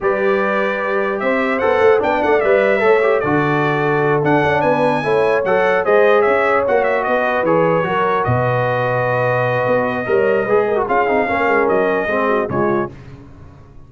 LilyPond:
<<
  \new Staff \with { instrumentName = "trumpet" } { \time 4/4 \tempo 4 = 149 d''2. e''4 | fis''4 g''8 fis''8 e''2 | d''2~ d''8 fis''4 gis''8~ | gis''4. fis''4 dis''4 e''8~ |
e''8 fis''8 e''8 dis''4 cis''4.~ | cis''8 dis''2.~ dis''8~ | dis''2. f''4~ | f''4 dis''2 cis''4 | }
  \new Staff \with { instrumentName = "horn" } { \time 4/4 b'2. c''4~ | c''4 d''2 cis''4 | a'2.~ a'8 b'8~ | b'8 cis''2 c''4 cis''8~ |
cis''4. b'2 ais'8~ | ais'8 b'2.~ b'8~ | b'4 cis''4 b'8 ais'8 gis'4 | ais'2 gis'8 fis'8 f'4 | }
  \new Staff \with { instrumentName = "trombone" } { \time 4/4 g'1 | a'4 d'4 b'4 a'8 g'8 | fis'2~ fis'8 d'4.~ | d'8 e'4 a'4 gis'4.~ |
gis'8 fis'2 gis'4 fis'8~ | fis'1~ | fis'4 ais'4 gis'8. fis'16 f'8 dis'8 | cis'2 c'4 gis4 | }
  \new Staff \with { instrumentName = "tuba" } { \time 4/4 g2. c'4 | b8 a8 b8 a8 g4 a4 | d2~ d8 d'8 cis'8 b8~ | b8 a4 fis4 gis4 cis'8~ |
cis'8 ais4 b4 e4 fis8~ | fis8 b,2.~ b,8 | b4 g4 gis4 cis'8 c'8 | ais8 gis8 fis4 gis4 cis4 | }
>>